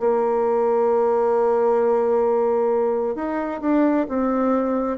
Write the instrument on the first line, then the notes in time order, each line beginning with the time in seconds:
bassoon
0.00 A#3
3.15 D#4
3.61 D4
4.09 C4